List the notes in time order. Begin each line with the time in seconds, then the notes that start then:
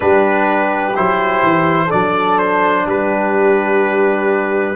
0.00 G3 D4 G4 B4
0.95 F#3 E4 C5
1.43 E3
1.86 D4 A4 D5
1.93 F#3
2.38 C5
2.85 G3 G4 B4